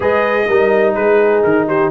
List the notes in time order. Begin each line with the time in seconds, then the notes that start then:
0.00 G#3 G#4 B4 D#5
0.47 G3 D#4 A#4
0.94 G#3 G#4 B4
1.43 D#3 A#4
1.67 G4 C5